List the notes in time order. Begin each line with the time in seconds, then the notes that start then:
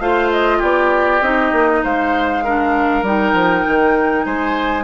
0.00 A3 F4 C5 F5
0.32 D#5
0.58 B3 G4 D5
1.22 C4 D#4 D#5
1.52 A#3
1.84 G#3 C5 F5
2.44 D4 A#4
3.03 G3 D#4 G5
3.34 F3
3.67 D#3
4.26 G#3 C5 G#5